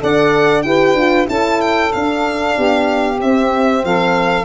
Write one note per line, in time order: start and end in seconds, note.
0.00 0.64 D4
0.00 0.64 A4
0.00 0.65 D5
0.00 0.62 F#5
0.62 0.94 E4
0.62 0.97 G4
0.62 1.29 B4
0.62 1.26 G5
0.94 1.26 D4
0.94 1.26 F4
1.26 1.93 C#4
1.26 1.90 E4
1.26 2.55 A4
1.26 1.61 A5
1.61 1.92 G5
1.92 3.17 D4
1.92 2.57 D4
1.92 3.20 F5
2.55 3.20 B3
2.55 3.83 G4
3.17 4.45 C4
3.17 3.84 C4
3.17 3.84 E5
3.84 4.45 F3
3.84 4.45 A4
3.84 4.45 F5